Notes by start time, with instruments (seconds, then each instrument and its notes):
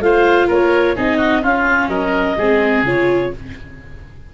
0.00 tuba A3, viola F4, oboe C5, clarinet F5
0.47 tuba A#3, oboe A#4, clarinet C#5
0.96 tuba C4, viola D#4, oboe G#4, clarinet D#5
1.17 oboe F#4
1.42 viola C#4, tuba C#4, oboe F4, clarinet F5
1.88 tuba F#3, oboe A#4, clarinet D#5
2.37 tuba G#3, viola C4, oboe G#4
2.83 tuba C#3, viola F4, clarinet C#5